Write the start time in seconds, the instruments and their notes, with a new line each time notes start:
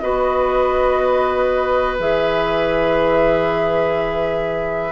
0.00 bassoon B3, clarinet F#4, oboe B4, flute D#5
1.99 bassoon E3, clarinet G#4, flute E5